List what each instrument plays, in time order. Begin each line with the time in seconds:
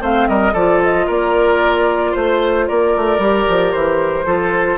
0.00 bassoon A3, clarinet C4, oboe C5, flute F5
0.28 bassoon G3, oboe A#4, flute D#5
0.53 bassoon F3, clarinet F4, oboe A4, flute D5
0.84 flute D#5
1.07 bassoon A#3, oboe A#4, flute D5
2.12 bassoon A3, oboe C5, flute C5
2.68 bassoon A#3, oboe A#4, flute D5
2.97 bassoon A3
3.19 bassoon G3, clarinet G4
3.49 bassoon F3
3.73 bassoon E3, flute C5
4.26 bassoon F3, clarinet F4, oboe A4